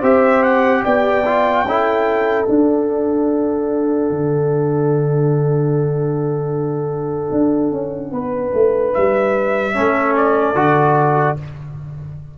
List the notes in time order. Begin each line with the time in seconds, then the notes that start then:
0.00 C4 G4 C5 E5
0.43 F#5
0.84 B3 D5 G5
1.25 F4
1.64 C#4 E4 A4
2.46 D4 F#5
4.10 D3
7.32 D4
7.71 C#4
8.11 B3 B4
8.54 A3
8.94 G3 E5
9.74 A3 C#4 A4
10.16 D5
10.55 D3 F#4